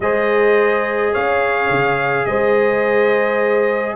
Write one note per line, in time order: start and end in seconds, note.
0.00 1.13 G#3
0.00 3.95 G#4
0.00 1.13 C5
0.00 1.13 D#5
1.13 1.69 C#4
1.13 2.26 C#5
1.13 2.25 F5
1.69 2.26 C#3
2.25 3.95 G#3
2.25 3.95 C5
2.25 3.95 D#5